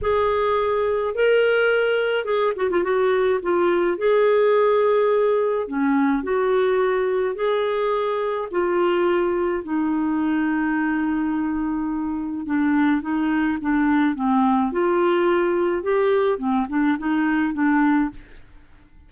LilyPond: \new Staff \with { instrumentName = "clarinet" } { \time 4/4 \tempo 4 = 106 gis'2 ais'2 | gis'8 fis'16 f'16 fis'4 f'4 gis'4~ | gis'2 cis'4 fis'4~ | fis'4 gis'2 f'4~ |
f'4 dis'2.~ | dis'2 d'4 dis'4 | d'4 c'4 f'2 | g'4 c'8 d'8 dis'4 d'4 | }